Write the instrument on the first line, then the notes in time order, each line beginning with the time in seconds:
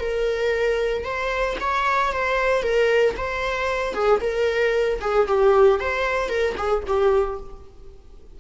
viola
0.00 A#4
1.04 C5
1.61 C#5
2.13 C5
2.63 A#4
3.17 C5
3.94 G#4
4.21 A#4
5.01 G#4
5.28 G4
5.80 C5
6.29 A#4
6.57 G#4
6.87 G4